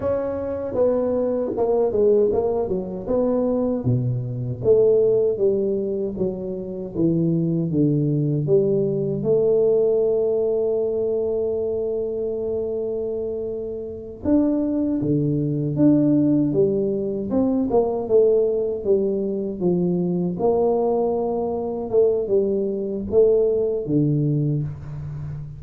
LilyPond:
\new Staff \with { instrumentName = "tuba" } { \time 4/4 \tempo 4 = 78 cis'4 b4 ais8 gis8 ais8 fis8 | b4 b,4 a4 g4 | fis4 e4 d4 g4 | a1~ |
a2~ a8 d'4 d8~ | d8 d'4 g4 c'8 ais8 a8~ | a8 g4 f4 ais4.~ | ais8 a8 g4 a4 d4 | }